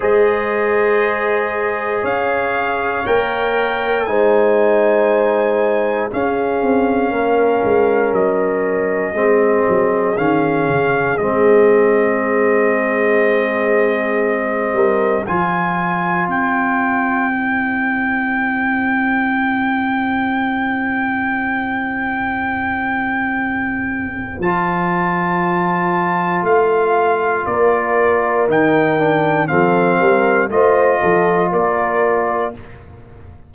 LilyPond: <<
  \new Staff \with { instrumentName = "trumpet" } { \time 4/4 \tempo 4 = 59 dis''2 f''4 g''4 | gis''2 f''2 | dis''2 f''4 dis''4~ | dis''2. gis''4 |
g''1~ | g''1 | a''2 f''4 d''4 | g''4 f''4 dis''4 d''4 | }
  \new Staff \with { instrumentName = "horn" } { \time 4/4 c''2 cis''2 | c''2 gis'4 ais'4~ | ais'4 gis'2.~ | gis'2~ gis'8 ais'8 c''4~ |
c''1~ | c''1~ | c''2. ais'4~ | ais'4 a'8 ais'8 c''8 a'8 ais'4 | }
  \new Staff \with { instrumentName = "trombone" } { \time 4/4 gis'2. ais'4 | dis'2 cis'2~ | cis'4 c'4 cis'4 c'4~ | c'2. f'4~ |
f'4 e'2.~ | e'1 | f'1 | dis'8 d'8 c'4 f'2 | }
  \new Staff \with { instrumentName = "tuba" } { \time 4/4 gis2 cis'4 ais4 | gis2 cis'8 c'8 ais8 gis8 | fis4 gis8 fis8 dis8 cis8 gis4~ | gis2~ gis8 g8 f4 |
c'1~ | c'1 | f2 a4 ais4 | dis4 f8 g8 a8 f8 ais4 | }
>>